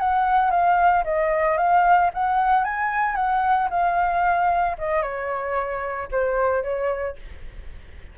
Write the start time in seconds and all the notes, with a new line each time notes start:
0.00 F#5
0.51 F5
1.05 D#5
1.58 F5
2.14 F#5
2.65 G#5
3.16 F#5
3.71 F5
4.79 D#5
5.02 C#5
6.12 C5
6.63 C#5